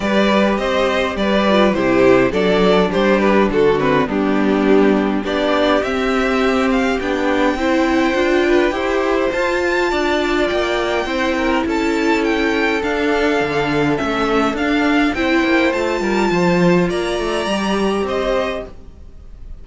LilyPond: <<
  \new Staff \with { instrumentName = "violin" } { \time 4/4 \tempo 4 = 103 d''4 dis''4 d''4 c''4 | d''4 c''8 b'8 a'8 b'8 g'4~ | g'4 d''4 e''4. f''8 | g''1 |
a''2 g''2 | a''4 g''4 f''2 | e''4 f''4 g''4 a''4~ | a''4 ais''2 dis''4 | }
  \new Staff \with { instrumentName = "violin" } { \time 4/4 b'4 c''4 b'4 g'4 | a'4 g'4 fis'4 d'4~ | d'4 g'2.~ | g'4 c''4. b'8 c''4~ |
c''4 d''2 c''8 ais'8 | a'1~ | a'2 c''4. ais'8 | c''4 d''2 c''4 | }
  \new Staff \with { instrumentName = "viola" } { \time 4/4 g'2~ g'8 f'8 e'4 | d'2~ d'8 c'8 b4~ | b4 d'4 c'2 | d'4 e'4 f'4 g'4 |
f'2. e'4~ | e'2 d'2 | cis'4 d'4 e'4 f'4~ | f'2 g'2 | }
  \new Staff \with { instrumentName = "cello" } { \time 4/4 g4 c'4 g4 c4 | fis4 g4 d4 g4~ | g4 b4 c'2 | b4 c'4 d'4 e'4 |
f'4 d'4 ais4 c'4 | cis'2 d'4 d4 | a4 d'4 c'8 ais8 a8 g8 | f4 ais8 a8 g4 c'4 | }
>>